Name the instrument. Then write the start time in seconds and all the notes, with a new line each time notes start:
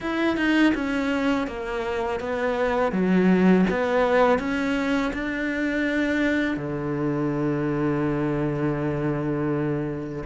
cello
0.00 E4
0.36 D#4
0.74 C#4
1.47 A#3
2.20 B3
2.92 F#3
3.70 B3
4.39 C#4
5.13 D4
6.57 D3